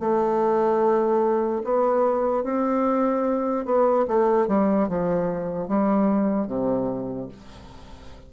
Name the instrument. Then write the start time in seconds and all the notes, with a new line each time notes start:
bassoon
0.00 A3
1.64 B3
2.43 C4
3.65 B3
4.07 A3
4.47 G3
4.88 F3
5.68 G3
6.47 C3